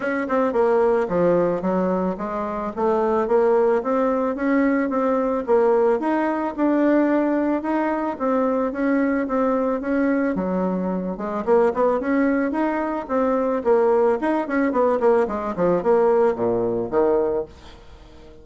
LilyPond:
\new Staff \with { instrumentName = "bassoon" } { \time 4/4 \tempo 4 = 110 cis'8 c'8 ais4 f4 fis4 | gis4 a4 ais4 c'4 | cis'4 c'4 ais4 dis'4 | d'2 dis'4 c'4 |
cis'4 c'4 cis'4 fis4~ | fis8 gis8 ais8 b8 cis'4 dis'4 | c'4 ais4 dis'8 cis'8 b8 ais8 | gis8 f8 ais4 ais,4 dis4 | }